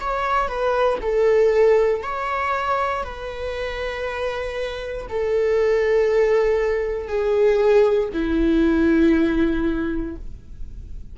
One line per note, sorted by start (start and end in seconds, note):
0.00 0.48 C#5
0.48 0.98 B4
1.01 2.02 A4
2.02 3.04 C#5
3.04 5.07 B4
5.09 7.08 A4
7.08 8.09 G#4
8.13 10.16 E4